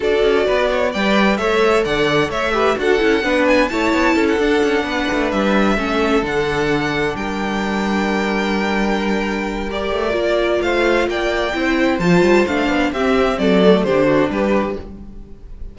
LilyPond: <<
  \new Staff \with { instrumentName = "violin" } { \time 4/4 \tempo 4 = 130 d''2 g''4 e''4 | fis''4 e''4 fis''4. gis''8 | a''4~ a''16 fis''2~ fis''16 e''8~ | e''4. fis''2 g''8~ |
g''1~ | g''4 d''2 f''4 | g''2 a''4 f''4 | e''4 d''4 c''4 b'4 | }
  \new Staff \with { instrumentName = "violin" } { \time 4/4 a'4 b'8 cis''8 d''4 cis''4 | d''4 cis''8 b'8 a'4 b'4 | cis''4 a'4. b'4.~ | b'8 a'2. ais'8~ |
ais'1~ | ais'2. c''4 | d''4 c''2. | g'4 a'4 g'8 fis'8 g'4 | }
  \new Staff \with { instrumentName = "viola" } { \time 4/4 fis'2 b'4 a'4~ | a'4. g'8 fis'8 e'8 d'4 | e'4. d'2~ d'8~ | d'8 cis'4 d'2~ d'8~ |
d'1~ | d'4 g'4 f'2~ | f'4 e'4 f'4 d'4 | c'4. a8 d'2 | }
  \new Staff \with { instrumentName = "cello" } { \time 4/4 d'8 cis'8 b4 g4 a4 | d4 a4 d'8 cis'8 b4 | a8 b8 cis'8 d'8 cis'8 b8 a8 g8~ | g8 a4 d2 g8~ |
g1~ | g4. a8 ais4 a4 | ais4 c'4 f8 g8 a8 b8 | c'4 fis4 d4 g4 | }
>>